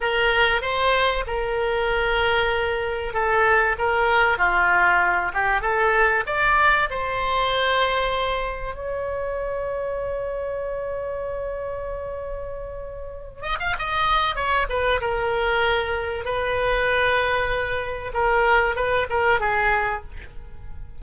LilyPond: \new Staff \with { instrumentName = "oboe" } { \time 4/4 \tempo 4 = 96 ais'4 c''4 ais'2~ | ais'4 a'4 ais'4 f'4~ | f'8 g'8 a'4 d''4 c''4~ | c''2 cis''2~ |
cis''1~ | cis''4. dis''16 f''16 dis''4 cis''8 b'8 | ais'2 b'2~ | b'4 ais'4 b'8 ais'8 gis'4 | }